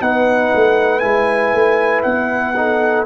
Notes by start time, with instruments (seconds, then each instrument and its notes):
0.00 tuba B3, trombone D#4, horn B4, trumpet F#5
0.55 tuba A3
0.99 tuba G#3, trombone E4, trumpet G#5
1.53 tuba A3
2.02 tuba B3, trumpet F#5
2.56 trombone D#4, horn A4